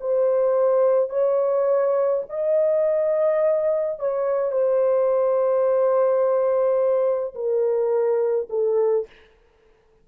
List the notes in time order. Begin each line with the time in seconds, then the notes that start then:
0.00 C5
1.09 C#5
2.29 D#5
3.99 C#5
4.51 C5
7.34 A#4
8.49 A4